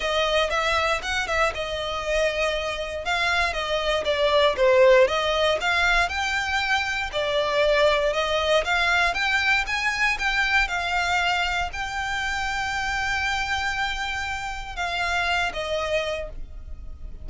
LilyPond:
\new Staff \with { instrumentName = "violin" } { \time 4/4 \tempo 4 = 118 dis''4 e''4 fis''8 e''8 dis''4~ | dis''2 f''4 dis''4 | d''4 c''4 dis''4 f''4 | g''2 d''2 |
dis''4 f''4 g''4 gis''4 | g''4 f''2 g''4~ | g''1~ | g''4 f''4. dis''4. | }